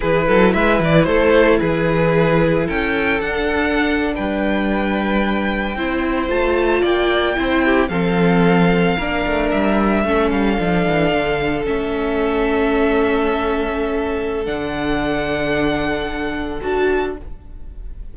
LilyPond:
<<
  \new Staff \with { instrumentName = "violin" } { \time 4/4 \tempo 4 = 112 b'4 e''8 d''8 c''4 b'4~ | b'4 g''4 fis''4.~ fis''16 g''16~ | g''2.~ g''8. a''16~ | a''8. g''2 f''4~ f''16~ |
f''4.~ f''16 e''4. f''8.~ | f''4.~ f''16 e''2~ e''16~ | e''2. fis''4~ | fis''2. a''4 | }
  \new Staff \with { instrumentName = "violin" } { \time 4/4 gis'8 a'8 b'4 a'4 gis'4~ | gis'4 a'2~ a'8. b'16~ | b'2~ b'8. c''4~ c''16~ | c''8. d''4 c''8 g'8 a'4~ a'16~ |
a'8. ais'2 a'4~ a'16~ | a'1~ | a'1~ | a'1 | }
  \new Staff \with { instrumentName = "viola" } { \time 4/4 e'1~ | e'2 d'2~ | d'2~ d'8. e'4 f'16~ | f'4.~ f'16 e'4 c'4~ c'16~ |
c'8. d'2 cis'4 d'16~ | d'4.~ d'16 cis'2~ cis'16~ | cis'2. d'4~ | d'2. fis'4 | }
  \new Staff \with { instrumentName = "cello" } { \time 4/4 e8 fis8 gis8 e8 a4 e4~ | e4 cis'4 d'4.~ d'16 g16~ | g2~ g8. c'4 a16~ | a8. ais4 c'4 f4~ f16~ |
f8. ais8 a8 g4 a8 g8 f16~ | f16 e8 d4 a2~ a16~ | a2. d4~ | d2. d'4 | }
>>